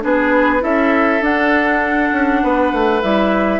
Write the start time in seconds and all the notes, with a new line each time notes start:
0.00 B3 D4 G#4 B4
0.60 C#4 E4 A4 E5
1.21 D4 F#5
2.12 C#4
2.43 B3 B4
2.73 A3
3.02 G3 E4 E5